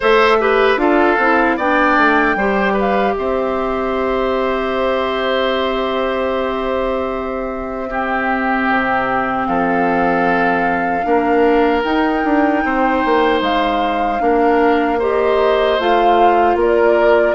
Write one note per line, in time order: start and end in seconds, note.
0.00 0.76 A3
0.00 0.40 A4
0.00 0.37 C5
0.00 0.79 E5
0.40 0.77 G4
0.40 0.80 B4
0.76 1.16 D4
0.76 1.17 F4
0.76 1.57 A4
0.76 1.58 F5
1.18 1.57 C4
1.18 1.59 E4
1.57 1.97 B3
1.57 2.38 D4
1.57 2.36 D5
1.57 2.77 G5
1.97 2.35 A3
2.35 3.14 G3
2.35 7.88 G4
2.35 2.73 C5
2.73 3.12 B4
2.79 3.13 F5
3.13 8.68 C4
3.13 7.89 C5
3.13 9.45 E5
7.88 11.03 C4
7.88 9.47 G4
8.68 9.47 C3
9.45 11.05 F3
9.45 11.06 A4
9.45 11.82 F5
11.03 11.84 A#3
11.03 11.82 D4
11.03 12.63 A#4
11.83 12.23 D#4
11.83 14.19 D#4
11.83 13.41 G5
12.24 12.63 D4
12.64 13.03 C4
12.64 14.22 C5
13.05 13.41 A#3
13.41 14.20 G#3
13.41 15.00 F5
14.19 15.78 A#3
14.19 14.98 D4
14.19 14.98 A#4
14.98 15.79 G4
14.98 16.56 C5
14.98 15.78 D#5
15.78 16.55 A3
15.78 17.35 F4
15.78 16.57 F5
16.55 17.34 A#3
16.55 17.35 A#4
16.62 17.35 D5